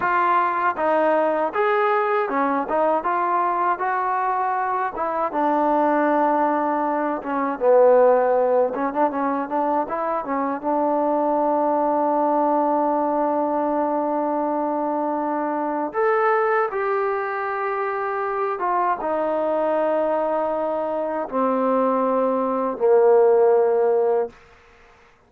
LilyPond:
\new Staff \with { instrumentName = "trombone" } { \time 4/4 \tempo 4 = 79 f'4 dis'4 gis'4 cis'8 dis'8 | f'4 fis'4. e'8 d'4~ | d'4. cis'8 b4. cis'16 d'16 | cis'8 d'8 e'8 cis'8 d'2~ |
d'1~ | d'4 a'4 g'2~ | g'8 f'8 dis'2. | c'2 ais2 | }